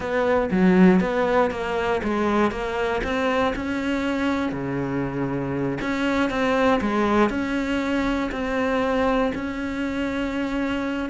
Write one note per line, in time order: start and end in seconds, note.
0.00 0.50 B3
0.51 1.00 F#3
1.00 1.50 B3
1.50 2.01 A#3
2.03 2.51 G#3
2.51 3.01 A#3
3.03 3.54 C4
3.55 4.52 C#4
4.52 5.78 C#3
5.81 6.30 C#4
6.30 6.80 C4
6.81 7.29 G#3
7.29 8.30 C#4
8.31 9.32 C4
9.34 11.09 C#4